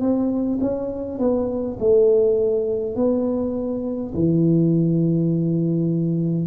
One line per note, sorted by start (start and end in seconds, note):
0.00 0.59 C4
0.60 1.19 C#4
1.19 1.78 B3
1.79 2.95 A3
2.95 4.13 B3
4.14 6.47 E3